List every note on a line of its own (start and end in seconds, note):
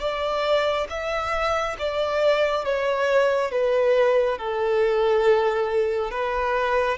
0.00 0.87 D5
0.89 1.76 E5
1.79 2.65 D5
2.65 3.51 C#5
3.51 4.38 B4
4.38 6.11 A4
6.11 6.97 B4